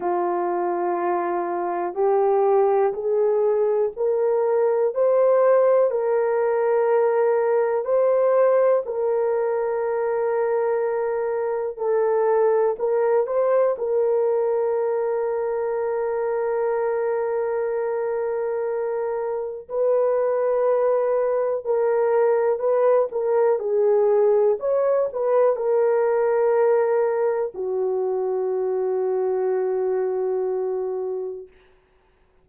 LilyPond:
\new Staff \with { instrumentName = "horn" } { \time 4/4 \tempo 4 = 61 f'2 g'4 gis'4 | ais'4 c''4 ais'2 | c''4 ais'2. | a'4 ais'8 c''8 ais'2~ |
ais'1 | b'2 ais'4 b'8 ais'8 | gis'4 cis''8 b'8 ais'2 | fis'1 | }